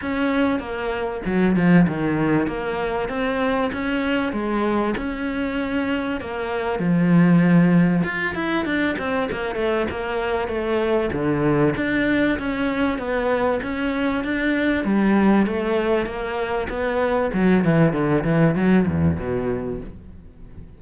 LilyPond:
\new Staff \with { instrumentName = "cello" } { \time 4/4 \tempo 4 = 97 cis'4 ais4 fis8 f8 dis4 | ais4 c'4 cis'4 gis4 | cis'2 ais4 f4~ | f4 f'8 e'8 d'8 c'8 ais8 a8 |
ais4 a4 d4 d'4 | cis'4 b4 cis'4 d'4 | g4 a4 ais4 b4 | fis8 e8 d8 e8 fis8 e,8 b,4 | }